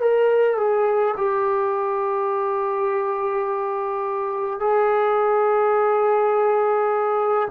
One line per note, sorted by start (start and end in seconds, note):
0.00 0.57 A#4
0.57 1.15 G#4
1.17 4.59 G4
4.59 7.48 G#4